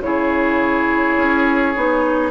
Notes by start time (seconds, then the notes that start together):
0.00 C#3 E4 G#4 C#5
1.17 C#4
1.74 B3 D#4